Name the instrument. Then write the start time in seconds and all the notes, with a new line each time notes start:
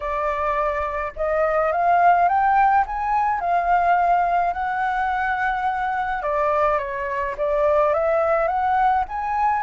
flute
0.00 D5
1.16 D#5
1.72 F5
2.28 G5
2.86 G#5
3.40 F5
4.53 F#5
6.22 D5
6.78 C#5
7.37 D5
7.93 E5
8.47 F#5
9.08 G#5